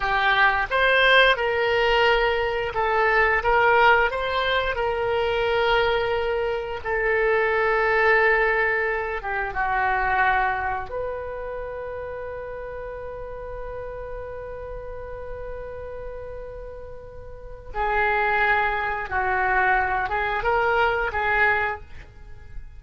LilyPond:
\new Staff \with { instrumentName = "oboe" } { \time 4/4 \tempo 4 = 88 g'4 c''4 ais'2 | a'4 ais'4 c''4 ais'4~ | ais'2 a'2~ | a'4. g'8 fis'2 |
b'1~ | b'1~ | b'2 gis'2 | fis'4. gis'8 ais'4 gis'4 | }